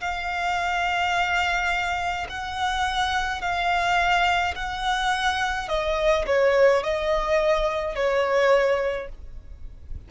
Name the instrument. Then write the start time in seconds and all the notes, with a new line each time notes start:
violin
0.00 F5
2.29 F#5
3.41 F5
4.55 F#5
5.68 D#5
6.26 C#5
6.83 D#5
7.95 C#5